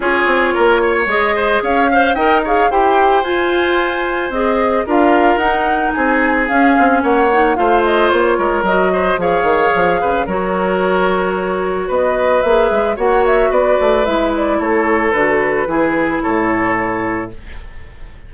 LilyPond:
<<
  \new Staff \with { instrumentName = "flute" } { \time 4/4 \tempo 4 = 111 cis''2 dis''4 f''4 | g''8 f''8 g''4 gis''2 | dis''4 f''4 fis''4 gis''4 | f''4 fis''4 f''8 dis''8 cis''4 |
dis''4 f''2 cis''4~ | cis''2 dis''4 e''4 | fis''8 e''8 d''4 e''8 d''8 cis''4 | b'2 cis''2 | }
  \new Staff \with { instrumentName = "oboe" } { \time 4/4 gis'4 ais'8 cis''4 c''8 cis''8 f''8 | dis''8 cis''8 c''2.~ | c''4 ais'2 gis'4~ | gis'4 cis''4 c''4. ais'8~ |
ais'8 c''8 cis''4. b'8 ais'4~ | ais'2 b'2 | cis''4 b'2 a'4~ | a'4 gis'4 a'2 | }
  \new Staff \with { instrumentName = "clarinet" } { \time 4/4 f'2 gis'4. c''8 | ais'8 gis'8 g'4 f'2 | gis'4 f'4 dis'2 | cis'4. dis'8 f'2 |
fis'4 gis'2 fis'4~ | fis'2. gis'4 | fis'2 e'2 | fis'4 e'2. | }
  \new Staff \with { instrumentName = "bassoon" } { \time 4/4 cis'8 c'8 ais4 gis4 cis'4 | dis'4 e'4 f'2 | c'4 d'4 dis'4 c'4 | cis'8 c'8 ais4 a4 ais8 gis8 |
fis4 f8 dis8 f8 cis8 fis4~ | fis2 b4 ais8 gis8 | ais4 b8 a8 gis4 a4 | d4 e4 a,2 | }
>>